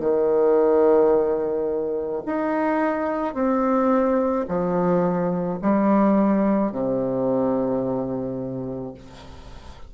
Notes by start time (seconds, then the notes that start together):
0.00 D#3
2.26 D#4
3.34 C4
4.48 F3
5.62 G3
6.72 C3